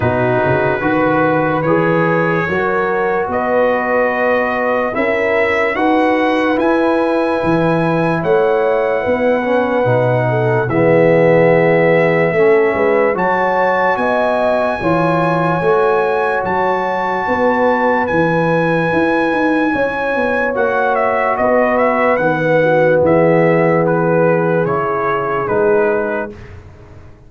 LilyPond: <<
  \new Staff \with { instrumentName = "trumpet" } { \time 4/4 \tempo 4 = 73 b'2 cis''2 | dis''2 e''4 fis''4 | gis''2 fis''2~ | fis''4 e''2. |
a''4 gis''2. | a''2 gis''2~ | gis''4 fis''8 e''8 dis''8 e''8 fis''4 | e''4 b'4 cis''4 b'4 | }
  \new Staff \with { instrumentName = "horn" } { \time 4/4 fis'4 b'2 ais'4 | b'2 ais'4 b'4~ | b'2 cis''4 b'4~ | b'8 a'8 gis'2 a'8 b'8 |
cis''4 dis''4 cis''2~ | cis''4 b'2. | cis''2 b'4. fis'8 | gis'1 | }
  \new Staff \with { instrumentName = "trombone" } { \time 4/4 dis'4 fis'4 gis'4 fis'4~ | fis'2 e'4 fis'4 | e'2.~ e'8 cis'8 | dis'4 b2 cis'4 |
fis'2 f'4 fis'4~ | fis'2 e'2~ | e'4 fis'2 b4~ | b2 e'4 dis'4 | }
  \new Staff \with { instrumentName = "tuba" } { \time 4/4 b,8 cis8 dis4 e4 fis4 | b2 cis'4 dis'4 | e'4 e4 a4 b4 | b,4 e2 a8 gis8 |
fis4 b4 e4 a4 | fis4 b4 e4 e'8 dis'8 | cis'8 b8 ais4 b4 dis4 | e2 cis4 gis4 | }
>>